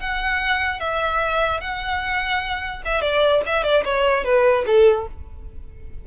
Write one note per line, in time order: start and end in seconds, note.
0.00 0.80 F#5
0.80 1.61 E5
1.61 2.82 F#5
2.85 3.01 E5
3.01 3.42 D5
3.46 3.64 E5
3.64 3.84 D5
3.85 4.24 C#5
4.24 4.65 B4
4.66 5.07 A4